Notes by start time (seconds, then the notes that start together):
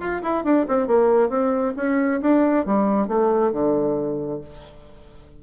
0.00 F4
0.22 E4
0.44 D4
0.68 C4
0.87 A#3
1.29 C4
1.77 C#4
2.21 D4
2.66 G3
3.08 A3
3.52 D3